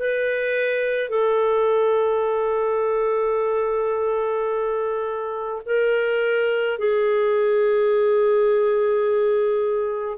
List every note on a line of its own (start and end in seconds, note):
0.00 1.10 B4
1.10 5.62 A4
5.66 6.79 A#4
6.79 10.18 G#4